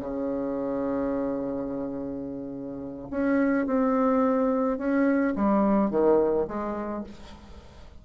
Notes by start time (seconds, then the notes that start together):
0.00 C#3
3.11 C#4
3.67 C4
4.78 C#4
5.36 G3
5.91 D#3
6.48 G#3